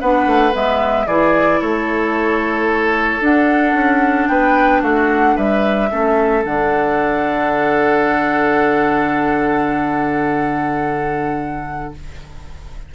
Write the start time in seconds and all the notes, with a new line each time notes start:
0.00 B3 D4 B4 F#5
0.26 A3
0.52 G#3 B3 E5
1.06 E3 E4 G#4 D5
1.61 A3 A4 C#5
3.20 D4 F#5
3.73 C#4
4.28 B3 B4 G5
4.82 A3 F#4 F#5
5.35 G3 B4 E5
5.90 A3 C#4 A4
6.44 D3 D4 F#5